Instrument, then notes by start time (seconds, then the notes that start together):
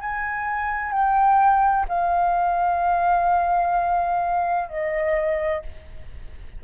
flute
0.00 G#5
0.92 G5
1.88 F5
4.68 D#5